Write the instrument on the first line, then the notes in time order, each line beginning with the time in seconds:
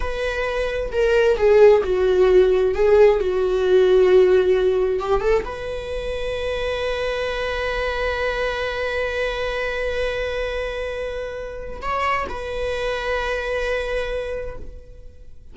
viola
0.00 B4
0.92 A#4
1.37 G#4
1.83 F#4
2.74 G#4
3.19 F#4
4.99 G4
5.20 A4
5.44 B4
11.81 C#5
12.29 B4